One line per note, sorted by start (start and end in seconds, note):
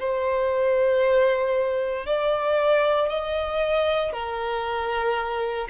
0.00 2.06 C5
2.06 3.10 D5
3.10 4.13 D#5
4.13 5.68 A#4